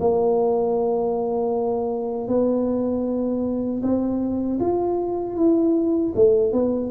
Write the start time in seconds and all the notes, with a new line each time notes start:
0.00 A#3
2.28 B3
3.83 C4
4.60 F4
5.36 E4
6.15 A3
6.53 B3